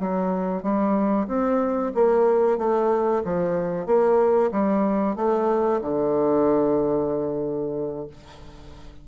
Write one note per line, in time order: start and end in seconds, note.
0.00 0.63 F#3
0.63 1.27 G3
1.28 1.92 C4
1.95 2.58 A#3
2.58 3.23 A3
3.24 3.86 F3
3.86 4.51 A#3
4.52 5.16 G3
5.16 5.81 A3
5.82 8.08 D3